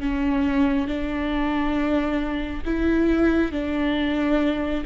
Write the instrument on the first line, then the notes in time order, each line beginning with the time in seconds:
viola
0.00 C#4
0.87 D4
2.65 E4
3.52 D4